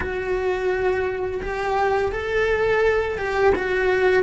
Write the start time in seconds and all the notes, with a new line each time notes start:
0.00 F#4
1.42 G4
2.12 A4
3.18 G4
3.55 F#4